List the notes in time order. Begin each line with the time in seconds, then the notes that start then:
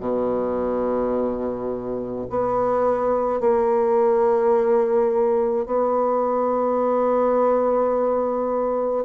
0.00 B2
2.30 B3
3.41 A#3
5.67 B3